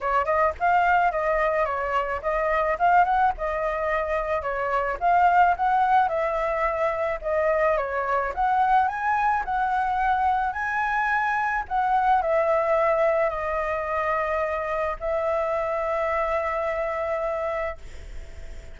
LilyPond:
\new Staff \with { instrumentName = "flute" } { \time 4/4 \tempo 4 = 108 cis''8 dis''8 f''4 dis''4 cis''4 | dis''4 f''8 fis''8 dis''2 | cis''4 f''4 fis''4 e''4~ | e''4 dis''4 cis''4 fis''4 |
gis''4 fis''2 gis''4~ | gis''4 fis''4 e''2 | dis''2. e''4~ | e''1 | }